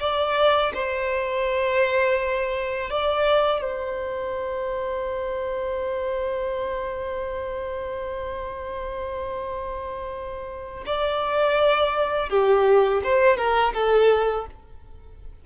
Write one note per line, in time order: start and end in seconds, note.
0.00 0.72 D5
0.74 2.90 C5
2.90 3.61 D5
3.61 10.84 C5
10.86 12.29 D5
12.29 13.02 G4
13.04 13.37 C5
13.37 13.73 A#4
13.73 14.46 A4